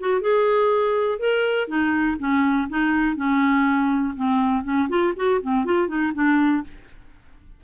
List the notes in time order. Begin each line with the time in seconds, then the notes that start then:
0.00 F#4
0.21 G#4
1.19 A#4
1.68 D#4
2.20 C#4
2.70 D#4
3.17 C#4
4.17 C4
4.64 C#4
4.89 F4
5.17 F#4
5.42 C4
5.66 F4
5.88 D#4
6.15 D4